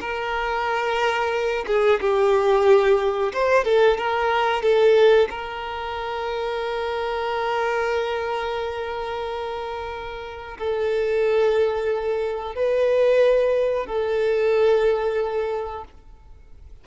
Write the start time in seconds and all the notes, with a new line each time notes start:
0.00 A#4
1.66 G#4
2.00 G4
3.32 C5
3.64 A4
3.97 A#4
4.62 A4
5.30 A#4
10.58 A4
12.55 B4
13.86 A4